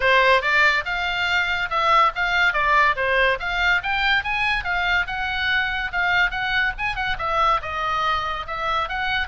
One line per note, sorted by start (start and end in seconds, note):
0.00 0.41 C5
0.41 0.84 D5
0.85 1.69 F5
1.70 2.12 E5
2.15 2.53 F5
2.53 2.95 D5
2.96 3.38 C5
3.39 3.81 F5
3.82 4.23 G5
4.23 4.64 G#5
4.64 5.06 F5
5.06 5.91 F#5
5.92 6.30 F5
6.30 6.73 F#5
6.78 6.95 G#5
6.95 7.16 F#5
7.18 7.60 E5
7.62 8.46 D#5
8.47 8.88 E5
8.88 9.27 F#5